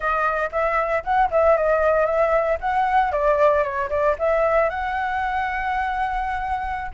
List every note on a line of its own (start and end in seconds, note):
0.00 0.50 D#5
0.51 1.03 E5
1.04 1.30 F#5
1.30 1.56 E5
1.57 2.06 D#5
2.06 2.58 E5
2.60 3.12 F#5
3.12 3.63 D5
3.63 3.89 C#5
3.89 4.15 D5
4.18 4.69 E5
4.69 6.91 F#5